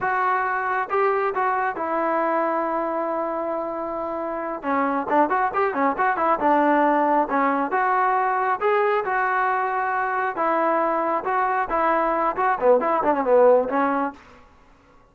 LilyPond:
\new Staff \with { instrumentName = "trombone" } { \time 4/4 \tempo 4 = 136 fis'2 g'4 fis'4 | e'1~ | e'2~ e'8 cis'4 d'8 | fis'8 g'8 cis'8 fis'8 e'8 d'4.~ |
d'8 cis'4 fis'2 gis'8~ | gis'8 fis'2. e'8~ | e'4. fis'4 e'4. | fis'8 b8 e'8 d'16 cis'16 b4 cis'4 | }